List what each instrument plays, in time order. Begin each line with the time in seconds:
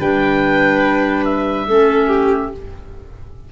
0.00 tuba G3, clarinet D4, violin B4, oboe G5
1.25 oboe E5
1.67 tuba A3, clarinet C#4, violin A4
2.08 violin G4